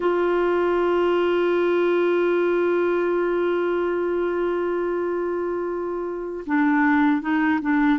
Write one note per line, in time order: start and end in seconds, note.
0.00 6.44 F4
6.46 7.22 D4
7.22 7.59 D#4
7.61 7.99 D4